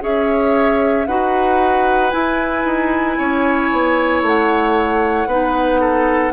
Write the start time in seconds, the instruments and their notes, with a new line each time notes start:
0.00 bassoon C#4, clarinet G#4, oboe C#5, flute E5
1.07 bassoon D#4, clarinet F#4, oboe B4, flute F#5
2.11 clarinet E4, bassoon E4, flute G#5
2.64 bassoon D#4
3.18 bassoon C#4, oboe C#5
3.71 bassoon B3
4.21 bassoon A3, flute F#5
5.26 bassoon B3, clarinet D#4, oboe B4
5.79 oboe A4